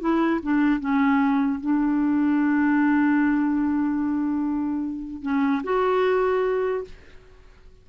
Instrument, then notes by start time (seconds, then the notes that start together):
clarinet
0.00 E4
0.42 D4
0.80 C#4
1.60 D4
5.22 C#4
5.64 F#4